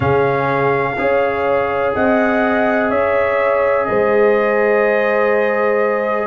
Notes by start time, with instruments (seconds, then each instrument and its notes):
0.00 tuba C#3, trombone C#4, horn G#4, trumpet F5
0.97 tuba C#4, trombone G#4, horn C#5
1.94 tuba C4, horn D#5, trumpet F#5
2.90 tuba C#4, horn C#5, trumpet E5
3.85 tuba G#3, horn C5, trumpet D#5